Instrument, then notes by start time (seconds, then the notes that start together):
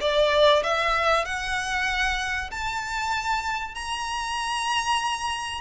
violin
0.00 D5
0.63 E5
1.25 F#5
2.50 A5
3.74 A#5